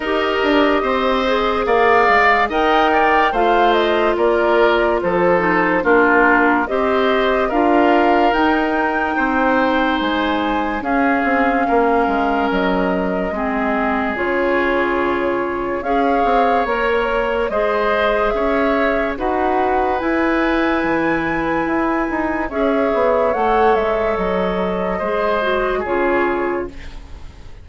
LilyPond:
<<
  \new Staff \with { instrumentName = "flute" } { \time 4/4 \tempo 4 = 72 dis''2 f''4 g''4 | f''8 dis''8 d''4 c''4 ais'4 | dis''4 f''4 g''2 | gis''4 f''2 dis''4~ |
dis''4 cis''2 f''4 | cis''4 dis''4 e''4 fis''4 | gis''2. e''4 | fis''8 e''8 dis''2 cis''4 | }
  \new Staff \with { instrumentName = "oboe" } { \time 4/4 ais'4 c''4 d''4 dis''8 d''8 | c''4 ais'4 a'4 f'4 | c''4 ais'2 c''4~ | c''4 gis'4 ais'2 |
gis'2. cis''4~ | cis''4 c''4 cis''4 b'4~ | b'2. cis''4~ | cis''2 c''4 gis'4 | }
  \new Staff \with { instrumentName = "clarinet" } { \time 4/4 g'4. gis'4. ais'4 | f'2~ f'8 dis'8 d'4 | g'4 f'4 dis'2~ | dis'4 cis'2. |
c'4 f'2 gis'4 | ais'4 gis'2 fis'4 | e'2. gis'4 | a'2 gis'8 fis'8 f'4 | }
  \new Staff \with { instrumentName = "bassoon" } { \time 4/4 dis'8 d'8 c'4 ais8 gis8 dis'4 | a4 ais4 f4 ais4 | c'4 d'4 dis'4 c'4 | gis4 cis'8 c'8 ais8 gis8 fis4 |
gis4 cis2 cis'8 c'8 | ais4 gis4 cis'4 dis'4 | e'4 e4 e'8 dis'8 cis'8 b8 | a8 gis8 fis4 gis4 cis4 | }
>>